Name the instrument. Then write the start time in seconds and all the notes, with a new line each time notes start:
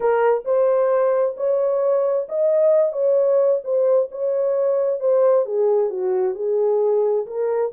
horn
0.00 A#4
0.44 C5
1.36 C#5
2.28 D#5
2.92 C#5
3.64 C5
4.11 C#5
5.00 C5
5.45 G#4
5.89 F#4
6.35 G#4
7.26 A#4